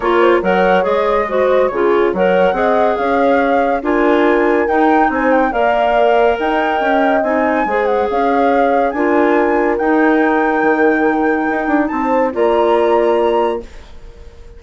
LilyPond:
<<
  \new Staff \with { instrumentName = "flute" } { \time 4/4 \tempo 4 = 141 cis''4 fis''4 dis''2 | cis''4 fis''2 f''4~ | f''4 gis''2 g''4 | gis''8 g''8 f''2 g''4~ |
g''4 gis''4. fis''8 f''4~ | f''4 gis''2 g''4~ | g''1 | a''4 ais''2. | }
  \new Staff \with { instrumentName = "horn" } { \time 4/4 ais'8 c''8 cis''2 c''4 | gis'4 cis''4 dis''4 cis''4~ | cis''4 ais'2. | c''4 d''2 dis''4~ |
dis''2 c''4 cis''4~ | cis''4 ais'2.~ | ais'1 | c''4 d''2. | }
  \new Staff \with { instrumentName = "clarinet" } { \time 4/4 f'4 ais'4 gis'4 fis'4 | f'4 ais'4 gis'2~ | gis'4 f'2 dis'4~ | dis'4 ais'2.~ |
ais'4 dis'4 gis'2~ | gis'4 f'2 dis'4~ | dis'1~ | dis'4 f'2. | }
  \new Staff \with { instrumentName = "bassoon" } { \time 4/4 ais4 fis4 gis2 | cis4 fis4 c'4 cis'4~ | cis'4 d'2 dis'4 | c'4 ais2 dis'4 |
cis'4 c'4 gis4 cis'4~ | cis'4 d'2 dis'4~ | dis'4 dis2 dis'8 d'8 | c'4 ais2. | }
>>